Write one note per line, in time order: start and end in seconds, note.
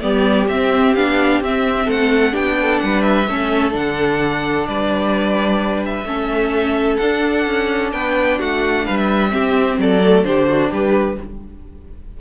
0.00 0.48 G3
0.00 0.48 B3
0.00 1.85 G4
0.00 0.47 D5
0.48 0.94 C4
0.48 0.97 C4
0.48 0.94 E5
0.94 1.40 B3
0.94 1.43 D4
0.94 1.41 F5
1.40 1.87 C4
1.40 2.31 C4
1.40 1.90 E5
1.85 2.34 A3
1.85 2.32 A4
1.85 2.35 F#5
2.31 2.81 B3
2.31 3.25 D4
2.31 2.55 G4
2.31 2.79 G5
2.61 2.84 A4
2.79 3.28 G3
2.79 3.28 B4
2.79 3.01 F#5
3.01 3.71 E5
3.28 3.74 A3
3.28 3.71 C#4
3.28 4.68 A4
3.71 4.67 D3
3.71 6.04 D4
3.71 4.66 F#5
4.66 6.04 G3
4.66 6.06 B4
4.66 5.83 D5
5.85 6.97 E5
6.04 6.97 A3
6.04 6.99 C#4
6.04 7.92 A4
6.97 7.46 D4
6.97 9.29 D4
6.97 7.90 F#5
7.46 7.93 C#4
7.92 8.39 B3
7.92 8.38 B4
7.92 8.38 G5
8.38 8.86 A3
8.38 8.84 F#4
8.38 8.86 F#5
8.84 9.34 G3
8.84 9.31 B4
8.84 8.96 F5
8.96 9.78 E5
9.29 9.99 C4
9.29 9.78 C4
9.29 9.79 G4
9.78 10.24 F#3
9.78 10.27 A4
9.78 10.24 D5
10.04 10.24 A3
10.24 10.71 D3
10.24 11.17 D4
10.24 10.49 G4
10.24 10.70 C5
10.49 10.70 F#4
10.70 11.18 G3
10.70 11.16 G4
10.70 11.20 B4